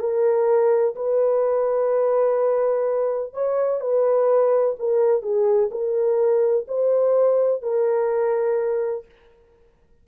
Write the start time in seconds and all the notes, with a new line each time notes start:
0.00 A#4
0.96 B4
3.34 C#5
3.81 B4
4.79 A#4
5.23 G#4
5.71 A#4
6.68 C5
7.63 A#4